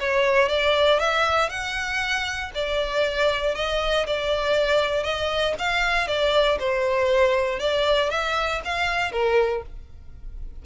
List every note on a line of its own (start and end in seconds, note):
0.00 0.49 C#5
0.49 1.00 D5
1.00 1.50 E5
1.50 2.52 F#5
2.55 3.56 D5
3.56 4.07 D#5
4.07 5.04 D5
5.04 5.54 D#5
5.59 6.08 F5
6.08 6.59 D5
6.60 7.60 C5
7.60 8.11 D5
8.11 8.62 E5
8.65 9.12 F5
9.12 9.63 A#4